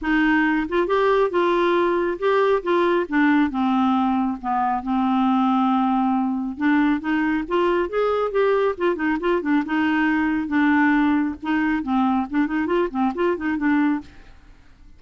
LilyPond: \new Staff \with { instrumentName = "clarinet" } { \time 4/4 \tempo 4 = 137 dis'4. f'8 g'4 f'4~ | f'4 g'4 f'4 d'4 | c'2 b4 c'4~ | c'2. d'4 |
dis'4 f'4 gis'4 g'4 | f'8 dis'8 f'8 d'8 dis'2 | d'2 dis'4 c'4 | d'8 dis'8 f'8 c'8 f'8 dis'8 d'4 | }